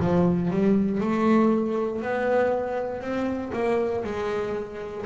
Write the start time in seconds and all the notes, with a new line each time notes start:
0.00 F3
0.51 G3
1.01 A3
2.02 B3
3.01 C4
3.53 A#3
4.04 G#3